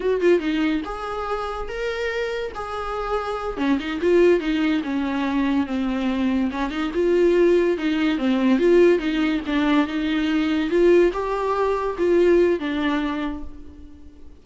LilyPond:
\new Staff \with { instrumentName = "viola" } { \time 4/4 \tempo 4 = 143 fis'8 f'8 dis'4 gis'2 | ais'2 gis'2~ | gis'8 cis'8 dis'8 f'4 dis'4 cis'8~ | cis'4. c'2 cis'8 |
dis'8 f'2 dis'4 c'8~ | c'8 f'4 dis'4 d'4 dis'8~ | dis'4. f'4 g'4.~ | g'8 f'4. d'2 | }